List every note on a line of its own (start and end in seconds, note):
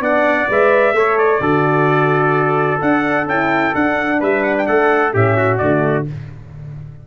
0.00 0.47 B3
0.00 0.48 D4
0.00 0.95 D5
0.00 0.49 F#5
0.48 0.93 G#3
0.48 0.94 B4
0.48 1.18 E5
0.93 1.39 A3
0.93 1.40 A4
0.93 1.42 C#5
1.18 2.81 D5
1.40 2.80 D3
1.40 2.80 F#4
1.40 4.19 A4
2.81 3.26 D4
2.81 3.28 D4
2.81 3.28 F#5
3.26 3.73 C#4
3.26 3.75 E4
3.26 3.75 G5
3.75 4.21 D4
3.75 5.13 D4
3.75 4.21 F#5
4.19 4.68 G3
4.19 4.66 B4
4.19 4.43 E5
4.43 4.55 F#5
4.58 4.66 G5
4.66 5.14 A3
4.66 5.14 A4
4.66 5.13 F#5
5.13 5.60 A2
5.13 5.59 C#4
5.13 5.37 G4
5.13 5.58 E5
5.37 6.06 F#4
5.58 6.07 D3
5.58 6.06 A3
5.58 6.04 D5